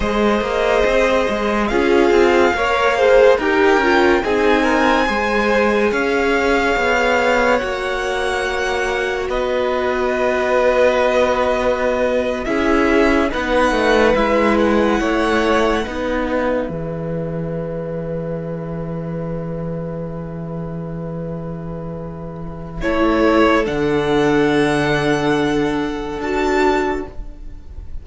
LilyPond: <<
  \new Staff \with { instrumentName = "violin" } { \time 4/4 \tempo 4 = 71 dis''2 f''2 | g''4 gis''2 f''4~ | f''4 fis''2 dis''4~ | dis''2~ dis''8. e''4 fis''16~ |
fis''8. e''8 fis''2 e''8.~ | e''1~ | e''2. cis''4 | fis''2. a''4 | }
  \new Staff \with { instrumentName = "violin" } { \time 4/4 c''2 gis'4 cis''8 c''8 | ais'4 gis'8 ais'8 c''4 cis''4~ | cis''2. b'4~ | b'2~ b'8. gis'4 b'16~ |
b'4.~ b'16 cis''4 b'4~ b'16~ | b'1~ | b'2. a'4~ | a'1 | }
  \new Staff \with { instrumentName = "viola" } { \time 4/4 gis'2 f'4 ais'8 gis'8 | g'8 f'8 dis'4 gis'2~ | gis'4 fis'2.~ | fis'2~ fis'8. e'4 dis'16~ |
dis'8. e'2 dis'4 gis'16~ | gis'1~ | gis'2. e'4 | d'2. fis'4 | }
  \new Staff \with { instrumentName = "cello" } { \time 4/4 gis8 ais8 c'8 gis8 cis'8 c'8 ais4 | dis'8 cis'8 c'4 gis4 cis'4 | b4 ais2 b4~ | b2~ b8. cis'4 b16~ |
b16 a8 gis4 a4 b4 e16~ | e1~ | e2. a4 | d2. d'4 | }
>>